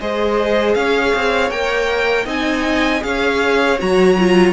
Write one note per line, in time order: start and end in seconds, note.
0.00 0.75 G#3
0.00 1.52 G#4
0.00 0.77 C5
0.00 0.74 D#5
0.74 1.13 C#4
0.74 2.25 C#5
0.74 1.50 F5
1.15 1.50 C4
1.50 2.26 A#3
1.50 2.26 A#4
1.50 2.26 G5
2.25 3.02 C4
2.25 3.00 D#4
2.25 3.01 D#5
2.25 3.03 G#5
3.00 3.80 C#4
3.00 3.76 G#4
3.00 3.79 F5
3.07 4.53 C#5
3.78 4.53 F#3
3.78 4.16 F#4
3.78 4.53 A#5
4.19 4.53 F4